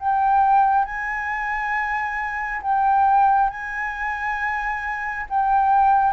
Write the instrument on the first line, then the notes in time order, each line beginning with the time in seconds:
flute
0.00 G5
0.85 G#5
2.63 G5
3.50 G#5
5.30 G5